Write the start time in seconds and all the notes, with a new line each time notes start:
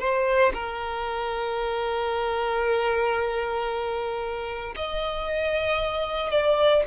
0.00 C5
0.54 A#4
4.76 D#5
6.31 D5